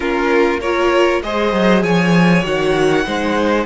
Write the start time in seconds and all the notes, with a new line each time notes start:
0.00 A#3 C#4 F4 A#4
0.60 F4 A#4 C#5
1.22 G#3 G#4 C5 D#5
1.53 F#3
1.83 F3 C#5 G#5
2.43 D#3 F#4 F#5
3.04 G#3 D#4 C5